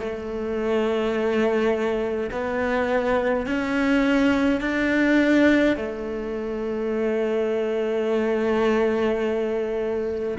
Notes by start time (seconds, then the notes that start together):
0.00 A3
2.32 B3
3.47 C#4
4.61 D4
5.76 A3